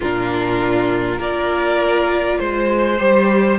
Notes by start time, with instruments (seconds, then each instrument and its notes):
0.00 cello A#2, viola D4, violin F4 A#4
1.18 cello A#3, viola F4, violin A#4 D5
2.39 cello G#3, violin C5
2.98 cello G3, viola G4